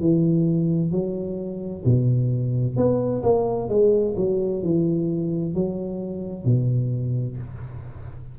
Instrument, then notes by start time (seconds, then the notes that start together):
tuba
0.00 E3
0.92 F#3
1.85 B2
2.77 B3
3.23 A#3
3.69 G#3
4.17 F#3
4.63 E3
5.54 F#3
6.45 B2